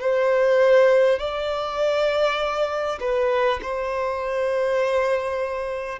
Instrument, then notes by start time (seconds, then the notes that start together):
violin
0.00 C5
1.19 D5
3.00 B4
3.62 C5